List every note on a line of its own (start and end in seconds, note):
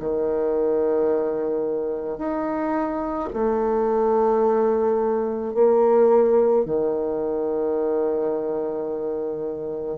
0.00 2.19 D#3
2.19 3.30 D#4
3.34 5.55 A3
5.55 6.66 A#3
6.66 9.98 D#3